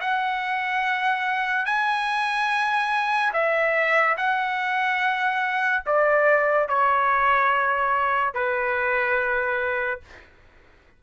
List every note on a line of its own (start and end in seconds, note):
0.00 1.65 F#5
1.65 3.32 G#5
3.33 4.16 E5
4.17 5.83 F#5
5.86 6.68 D5
6.68 8.34 C#5
8.34 10.00 B4